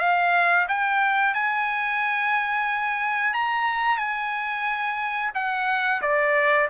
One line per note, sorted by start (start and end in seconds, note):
0.00 0.67 F5
0.69 1.34 G5
1.34 3.34 G#5
3.34 3.98 A#5
3.98 5.31 G#5
5.35 6.02 F#5
6.02 6.68 D5